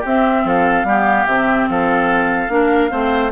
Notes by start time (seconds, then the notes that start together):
0.00 C4 G4
0.06 E5
0.44 F3 A4 F5
0.83 G3 B3 G4
1.26 C3 C4 E5
1.69 F3 A4 F5
2.48 A#3 D4 A#4
2.89 A3 C4 C5